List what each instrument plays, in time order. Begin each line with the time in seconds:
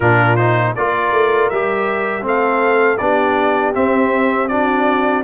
0.00 tuba A#2, trombone D4, horn F4, trumpet A#4
0.36 trombone D#4, trumpet C5
0.75 tuba A#3, trombone F4, horn A#4, trumpet D5
1.12 tuba A3
1.49 tuba G3, trombone G4, trumpet E5
2.21 tuba A3, trombone C4, horn A4
2.27 trumpet F5
2.97 tuba B3, trombone D4, horn G4, trumpet D5
3.74 trombone C4, tuba C4, trumpet E5
4.48 trombone D4, horn F#4, trumpet D5